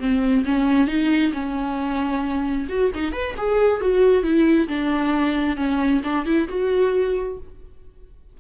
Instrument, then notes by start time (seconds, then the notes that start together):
viola
0.00 C4
0.45 C#4
0.88 D#4
1.34 C#4
2.69 F#4
2.95 D#4
3.12 B4
3.38 G#4
3.81 F#4
4.23 E4
4.69 D4
5.57 C#4
6.04 D4
6.26 E4
6.49 F#4